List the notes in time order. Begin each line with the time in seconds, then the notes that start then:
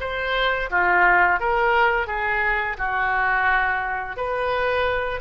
0.00 C5
0.70 F4
1.40 A#4
2.07 G#4
2.78 F#4
4.16 B4